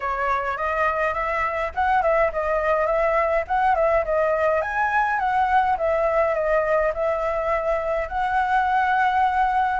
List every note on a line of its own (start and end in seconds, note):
0.00 0.57 C#5
0.57 1.14 D#5
1.14 1.72 E5
1.74 2.02 F#5
2.02 2.31 E5
2.32 2.86 D#5
2.86 3.44 E5
3.47 3.75 F#5
3.75 4.04 E5
4.04 4.61 D#5
4.61 5.19 G#5
5.19 5.76 F#5
5.77 6.34 E5
6.34 6.92 D#5
6.94 8.08 E5
8.08 9.80 F#5